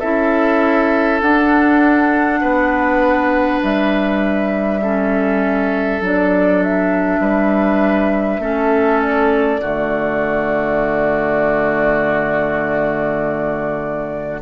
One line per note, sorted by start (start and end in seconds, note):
0.00 1.22 C#4
0.00 1.22 E4
0.00 2.40 A4
0.00 1.20 E5
1.22 4.82 D4
1.22 2.42 D4
1.22 3.62 F#5
2.41 3.62 B3
2.41 4.81 B4
3.63 6.01 G3
3.63 6.04 E5
4.82 6.02 C#4
4.82 7.21 A4
6.01 7.20 F#3
6.01 8.40 D4
6.01 6.63 D5
6.63 9.01 E5
7.20 8.39 G3
7.20 8.41 B4
8.39 9.59 A3
8.39 9.61 C#4
8.39 9.61 A4
9.01 14.41 D5
9.62 14.42 D3
9.62 14.42 A3
9.62 14.42 F#4